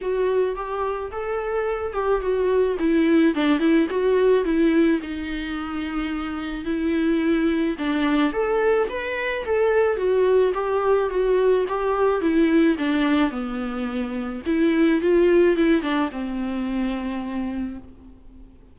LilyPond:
\new Staff \with { instrumentName = "viola" } { \time 4/4 \tempo 4 = 108 fis'4 g'4 a'4. g'8 | fis'4 e'4 d'8 e'8 fis'4 | e'4 dis'2. | e'2 d'4 a'4 |
b'4 a'4 fis'4 g'4 | fis'4 g'4 e'4 d'4 | b2 e'4 f'4 | e'8 d'8 c'2. | }